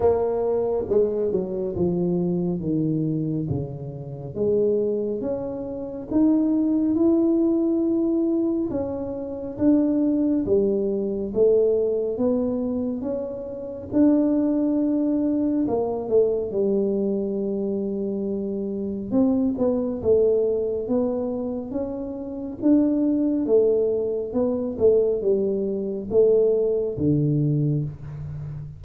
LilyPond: \new Staff \with { instrumentName = "tuba" } { \time 4/4 \tempo 4 = 69 ais4 gis8 fis8 f4 dis4 | cis4 gis4 cis'4 dis'4 | e'2 cis'4 d'4 | g4 a4 b4 cis'4 |
d'2 ais8 a8 g4~ | g2 c'8 b8 a4 | b4 cis'4 d'4 a4 | b8 a8 g4 a4 d4 | }